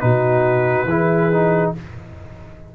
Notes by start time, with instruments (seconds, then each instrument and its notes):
0.00 tuba B2, trombone D#4, horn F#4, trumpet B4
0.85 tuba E3, trombone E4, horn G#4
1.32 trombone D#4